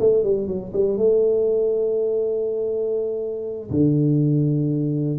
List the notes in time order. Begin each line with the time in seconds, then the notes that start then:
0.00 A3
0.24 G3
0.48 F#3
0.74 G3
0.98 A3
3.71 D3